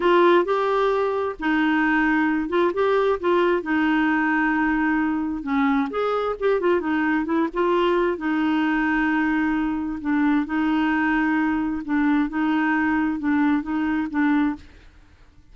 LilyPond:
\new Staff \with { instrumentName = "clarinet" } { \time 4/4 \tempo 4 = 132 f'4 g'2 dis'4~ | dis'4. f'8 g'4 f'4 | dis'1 | cis'4 gis'4 g'8 f'8 dis'4 |
e'8 f'4. dis'2~ | dis'2 d'4 dis'4~ | dis'2 d'4 dis'4~ | dis'4 d'4 dis'4 d'4 | }